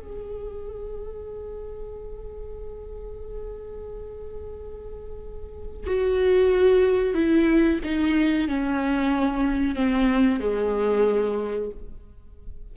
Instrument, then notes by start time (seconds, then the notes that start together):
viola
0.00 G#4
5.87 F#4
7.14 E4
7.84 D#4
8.48 C#4
9.75 C4
10.40 G#3